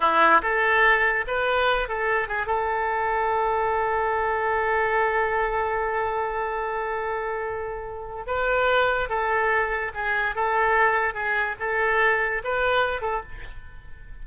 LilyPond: \new Staff \with { instrumentName = "oboe" } { \time 4/4 \tempo 4 = 145 e'4 a'2 b'4~ | b'8 a'4 gis'8 a'2~ | a'1~ | a'1~ |
a'1 | b'2 a'2 | gis'4 a'2 gis'4 | a'2 b'4. a'8 | }